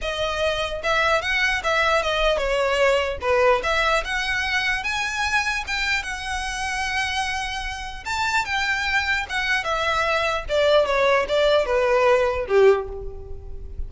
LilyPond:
\new Staff \with { instrumentName = "violin" } { \time 4/4 \tempo 4 = 149 dis''2 e''4 fis''4 | e''4 dis''4 cis''2 | b'4 e''4 fis''2 | gis''2 g''4 fis''4~ |
fis''1 | a''4 g''2 fis''4 | e''2 d''4 cis''4 | d''4 b'2 g'4 | }